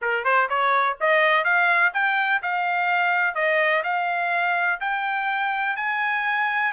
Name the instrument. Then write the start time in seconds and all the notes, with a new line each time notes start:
trumpet
0.01 A#4
0.24 C5
0.49 C#5
1.00 D#5
1.44 F5
1.93 G5
2.42 F5
3.34 D#5
3.83 F5
4.80 G5
5.76 G#5